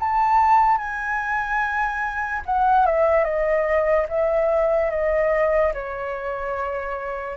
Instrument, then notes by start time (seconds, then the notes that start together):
flute
0.00 A5
0.78 G#5
2.46 F#5
2.86 E5
3.24 D#5
4.09 E5
4.91 D#5
5.74 C#5